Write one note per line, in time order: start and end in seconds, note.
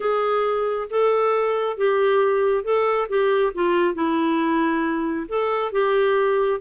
0.00 0.88 G#4
0.89 1.77 A4
1.77 2.64 G4
2.64 3.08 A4
3.08 3.53 G4
3.54 3.94 F4
3.94 5.26 E4
5.28 5.72 A4
5.72 6.60 G4